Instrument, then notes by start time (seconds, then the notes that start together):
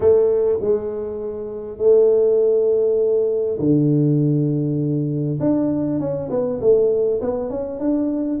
tuba
0.00 A3
0.60 G#3
1.78 A3
3.58 D3
5.40 D4
5.99 C#4
6.30 B3
6.60 A3
7.21 B3
7.50 C#4
7.79 D4